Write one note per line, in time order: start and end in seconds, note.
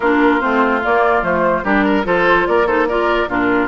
0.00 0.41 A#3
0.00 0.40 D4
0.00 1.64 F4
0.00 0.40 A#4
0.40 0.84 A3
0.40 0.81 C4
0.40 0.81 C5
0.83 1.22 A#3
0.83 1.24 D5
1.22 1.63 F3
1.22 1.63 A3
1.22 1.64 C5
1.64 2.05 G3
1.64 2.04 D4
1.64 1.84 G4
1.64 2.05 A#4
1.85 2.05 A#4
2.04 2.46 F3
2.04 2.65 F4
2.04 2.47 A4
2.04 2.47 C5
2.47 3.27 A#3
2.47 2.67 A#4
2.47 2.67 D5
2.67 2.87 D#4
2.67 2.87 A4
2.67 2.87 C5
2.88 3.28 F4
2.88 3.29 A#4
2.88 3.29 D5
3.27 3.67 A#2
3.27 3.67 D4
3.27 3.67 F4
3.27 3.67 A#4